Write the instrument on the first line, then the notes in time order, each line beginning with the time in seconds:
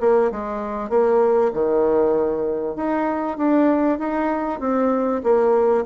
bassoon
0.00 A#3
0.31 G#3
0.89 A#3
1.54 D#3
2.76 D#4
3.37 D4
3.98 D#4
4.60 C4
5.23 A#3